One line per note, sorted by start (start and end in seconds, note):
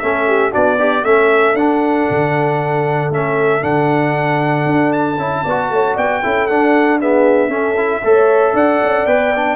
0.00 0.54 A3
0.00 0.52 C#4
0.00 0.28 A4
0.00 0.52 E5
0.28 0.52 G4
0.52 1.04 B3
0.52 0.78 D4
0.52 0.78 F#4
0.52 1.05 D5
0.78 1.04 D4
0.78 1.05 G4
1.04 1.54 A3
1.04 1.57 C#4
1.04 5.43 A4
1.04 1.56 E5
1.54 2.06 D4
1.54 3.13 D4
1.54 3.12 F#5
2.11 3.10 D3
3.10 3.62 A3
3.10 3.62 C#4
3.10 3.64 E5
3.62 4.66 D3
3.62 5.17 D4
3.62 4.93 F#5
4.66 5.18 D4
4.93 5.97 A5
5.18 5.44 C#4
5.18 5.45 E4
5.43 5.70 B3
5.43 5.69 D5
5.49 6.23 F#4
5.70 5.96 A3
5.70 5.95 C#5
5.95 6.23 B3
5.95 6.21 D5
5.95 6.48 G5
6.23 6.50 C#4
6.23 6.49 E4
6.23 7.01 A4
6.48 7.01 D4
6.48 7.49 D4
6.48 6.99 F#5
7.01 7.50 B3
7.01 7.50 G#4
7.01 8.57 E5
7.49 8.01 C#4
7.49 7.76 C#4
7.49 8.02 A4
7.77 8.03 E4
8.05 8.54 A3
8.05 9.08 A4
8.05 8.54 C#5
8.54 8.80 D4
8.54 9.57 D5
8.54 9.07 F#5
8.83 9.07 C#4
9.07 9.57 B3
9.07 9.34 B4
9.07 9.57 G5
9.36 9.57 D4